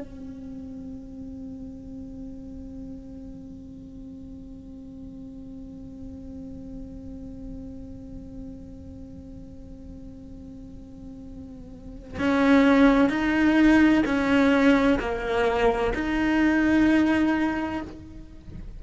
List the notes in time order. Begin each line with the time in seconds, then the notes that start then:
0.00 C4
12.19 C#4
13.10 D#4
14.05 C#4
15.00 A#3
15.95 D#4